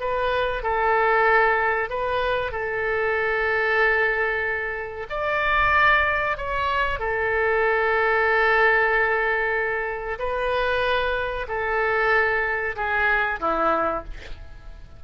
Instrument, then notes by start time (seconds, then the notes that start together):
oboe
0.00 B4
0.62 A4
1.89 B4
2.52 A4
5.09 D5
6.37 C#5
6.99 A4
10.18 B4
11.48 A4
12.76 G#4
13.40 E4